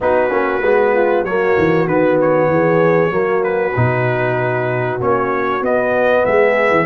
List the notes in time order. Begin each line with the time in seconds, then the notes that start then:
0.01 B3 D#4 F#4 B4
0.30 A#3 C#4
0.62 G#3 B3
0.93 F4
1.22 F#3 A#3 F#4 C#5
1.58 E3
1.86 D#3 B3 B4
2.21 C#5
2.48 E3 G#4
3.10 F#3 A#3 F#4
3.43 B4
3.76 B2 D#4
5.00 A#3 C#4 C#5
5.61 B3 D#5
6.24 G#3 G#4 E5
6.70 E3